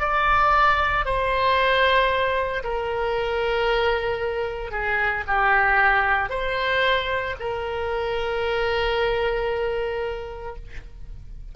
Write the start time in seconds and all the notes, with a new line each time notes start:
0.00 D5
1.06 C5
2.64 A#4
4.71 G#4
5.28 G4
6.30 C5
7.40 A#4